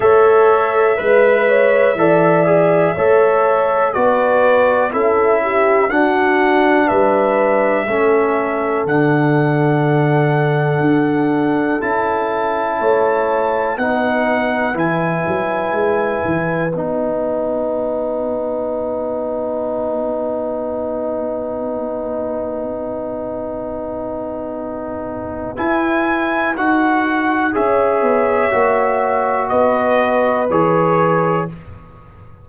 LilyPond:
<<
  \new Staff \with { instrumentName = "trumpet" } { \time 4/4 \tempo 4 = 61 e''1 | d''4 e''4 fis''4 e''4~ | e''4 fis''2. | a''2 fis''4 gis''4~ |
gis''4 fis''2.~ | fis''1~ | fis''2 gis''4 fis''4 | e''2 dis''4 cis''4 | }
  \new Staff \with { instrumentName = "horn" } { \time 4/4 cis''4 b'8 cis''8 d''4 cis''4 | b'4 a'8 g'8 fis'4 b'4 | a'1~ | a'4 cis''4 b'2~ |
b'1~ | b'1~ | b'1 | cis''2 b'2 | }
  \new Staff \with { instrumentName = "trombone" } { \time 4/4 a'4 b'4 a'8 gis'8 a'4 | fis'4 e'4 d'2 | cis'4 d'2. | e'2 dis'4 e'4~ |
e'4 dis'2.~ | dis'1~ | dis'2 e'4 fis'4 | gis'4 fis'2 gis'4 | }
  \new Staff \with { instrumentName = "tuba" } { \time 4/4 a4 gis4 e4 a4 | b4 cis'4 d'4 g4 | a4 d2 d'4 | cis'4 a4 b4 e8 fis8 |
gis8 e8 b2.~ | b1~ | b2 e'4 dis'4 | cis'8 b8 ais4 b4 e4 | }
>>